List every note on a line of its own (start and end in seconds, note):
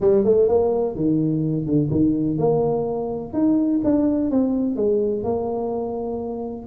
0.00 0.24 G3
0.24 0.48 A3
0.48 0.95 A#3
0.95 1.66 D#3
1.66 1.89 D3
1.90 2.38 D#3
2.38 3.33 A#3
3.33 3.81 D#4
3.84 4.30 D4
4.30 4.76 C4
4.76 5.23 G#3
5.23 6.66 A#3